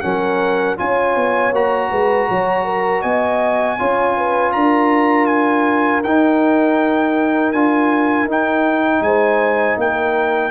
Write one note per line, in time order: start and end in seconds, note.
0.00 0.79 F#3
0.00 0.76 C#4
0.00 0.78 A#4
0.00 0.75 F#5
0.76 1.15 C#4
0.76 1.51 F4
0.76 1.90 C#5
0.76 1.53 G#5
1.15 1.52 B3
1.52 1.89 A#3
1.52 3.78 F#4
1.52 3.01 A#5
1.90 2.28 G#3
1.90 2.27 B4
2.28 3.03 F#3
2.28 2.64 C#5
2.64 3.02 A#4
3.01 3.78 B3
3.01 3.77 D#5
3.01 4.51 G#5
3.78 4.54 C#4
3.78 6.03 F4
3.78 4.15 C#5
4.16 4.54 B4
4.52 6.04 D4
4.52 9.04 A#4
4.52 5.26 A#5
5.26 6.01 G#5
6.03 7.53 D#4
6.03 7.54 D#4
6.03 7.52 G5
7.52 8.24 D4
7.52 8.28 F4
7.52 8.27 G#5
8.24 8.99 D#4
8.24 10.50 D#4
8.31 9.02 G5
9.00 9.75 G#3
9.00 9.79 C5
9.00 9.77 G#5
9.76 10.50 A#3
9.76 10.50 A#4
9.76 10.50 G5